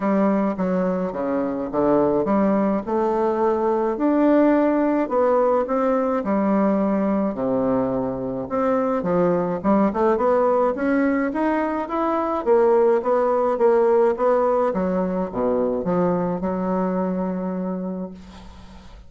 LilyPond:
\new Staff \with { instrumentName = "bassoon" } { \time 4/4 \tempo 4 = 106 g4 fis4 cis4 d4 | g4 a2 d'4~ | d'4 b4 c'4 g4~ | g4 c2 c'4 |
f4 g8 a8 b4 cis'4 | dis'4 e'4 ais4 b4 | ais4 b4 fis4 b,4 | f4 fis2. | }